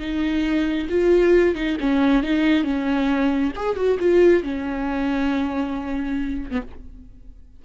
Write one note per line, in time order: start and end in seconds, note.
0.00 0.88 D#4
0.90 1.55 F4
1.55 1.77 D#4
1.80 2.23 C#4
2.23 2.64 D#4
2.64 3.52 C#4
3.56 3.76 G#4
3.76 3.98 F#4
4.00 4.43 F4
4.43 6.51 C#4
6.51 6.62 B3